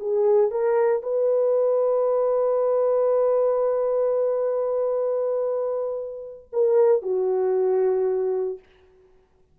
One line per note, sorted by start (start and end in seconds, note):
0.00 0.51 G#4
0.51 1.03 A#4
1.03 6.51 B4
6.53 7.03 A#4
7.03 8.59 F#4